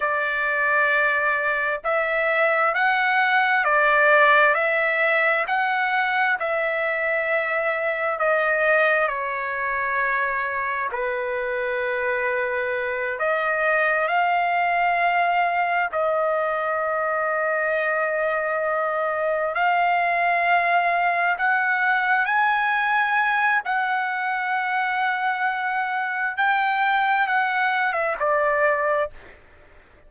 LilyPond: \new Staff \with { instrumentName = "trumpet" } { \time 4/4 \tempo 4 = 66 d''2 e''4 fis''4 | d''4 e''4 fis''4 e''4~ | e''4 dis''4 cis''2 | b'2~ b'8 dis''4 f''8~ |
f''4. dis''2~ dis''8~ | dis''4. f''2 fis''8~ | fis''8 gis''4. fis''2~ | fis''4 g''4 fis''8. e''16 d''4 | }